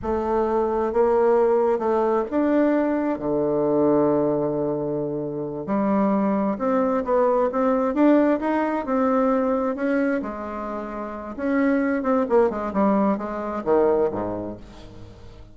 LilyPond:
\new Staff \with { instrumentName = "bassoon" } { \time 4/4 \tempo 4 = 132 a2 ais2 | a4 d'2 d4~ | d1~ | d8 g2 c'4 b8~ |
b8 c'4 d'4 dis'4 c'8~ | c'4. cis'4 gis4.~ | gis4 cis'4. c'8 ais8 gis8 | g4 gis4 dis4 gis,4 | }